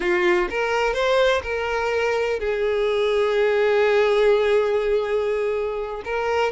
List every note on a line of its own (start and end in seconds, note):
0.00 0.48 F4
0.50 0.93 A#4
0.93 1.42 C5
1.42 2.39 A#4
2.39 6.02 G#4
6.04 6.51 A#4